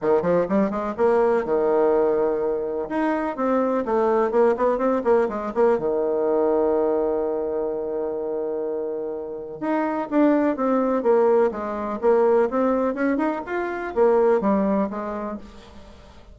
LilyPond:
\new Staff \with { instrumentName = "bassoon" } { \time 4/4 \tempo 4 = 125 dis8 f8 g8 gis8 ais4 dis4~ | dis2 dis'4 c'4 | a4 ais8 b8 c'8 ais8 gis8 ais8 | dis1~ |
dis1 | dis'4 d'4 c'4 ais4 | gis4 ais4 c'4 cis'8 dis'8 | f'4 ais4 g4 gis4 | }